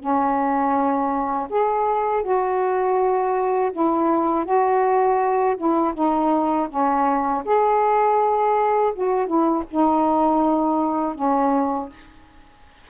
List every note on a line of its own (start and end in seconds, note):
0.00 1.48 C#4
1.50 2.24 G#4
2.24 3.72 F#4
3.73 4.45 E4
4.45 5.57 F#4
5.57 5.94 E4
5.95 6.69 D#4
6.70 7.44 C#4
7.45 8.94 G#4
8.95 9.27 F#4
9.27 9.64 E4
9.71 11.15 D#4
11.15 11.90 C#4